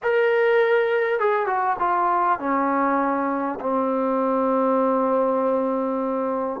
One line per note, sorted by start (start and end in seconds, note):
0.02 1.19 A#4
1.19 1.46 G#4
1.46 1.76 F#4
1.79 2.39 F4
2.39 3.59 C#4
3.60 6.60 C4